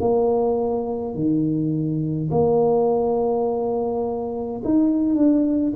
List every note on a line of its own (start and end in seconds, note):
0.00 1.14 A#3
1.14 2.30 D#3
2.31 4.62 A#3
4.64 5.15 D#4
5.15 5.73 D4